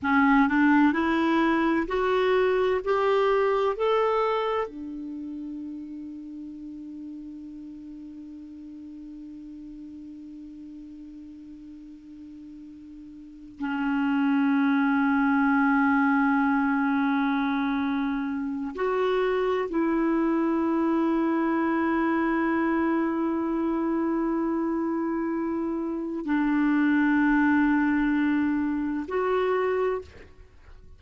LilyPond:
\new Staff \with { instrumentName = "clarinet" } { \time 4/4 \tempo 4 = 64 cis'8 d'8 e'4 fis'4 g'4 | a'4 d'2.~ | d'1~ | d'2~ d'8 cis'4.~ |
cis'1 | fis'4 e'2.~ | e'1 | d'2. fis'4 | }